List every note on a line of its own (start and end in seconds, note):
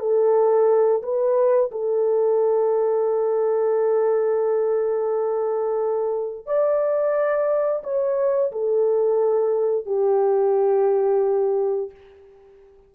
0.00 1.02 A4
1.02 1.70 B4
1.71 6.46 A4
6.46 7.83 D5
7.83 8.51 C#5
8.52 9.86 A4
9.86 11.90 G4